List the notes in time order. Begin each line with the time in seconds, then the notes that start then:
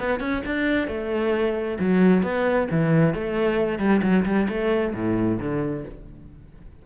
0.00 B3
0.20 C#4
0.46 D4
0.88 A3
1.80 F#3
2.23 B3
2.71 E3
3.14 A3
3.79 G3
4.03 F#3
4.25 G3
4.49 A3
4.94 A2
5.40 D3